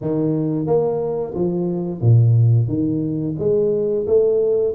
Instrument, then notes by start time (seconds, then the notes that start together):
tuba
0.01 D#3
0.66 A#3
1.34 F3
2.01 A#2
2.68 D#3
3.38 G#3
4.06 A3